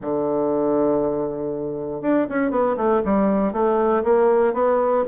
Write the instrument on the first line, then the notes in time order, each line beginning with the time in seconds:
bassoon
0.01 D3
2.01 D4
2.29 C#4
2.50 B3
2.76 A3
3.05 G3
3.52 A3
4.03 A#3
4.53 B3